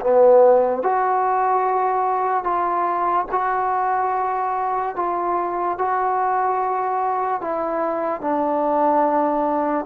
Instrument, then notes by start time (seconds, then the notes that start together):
trombone
0.00 B3
0.82 F#4
2.43 F4
3.31 F#4
4.95 F4
5.78 F#4
7.41 E4
8.21 D4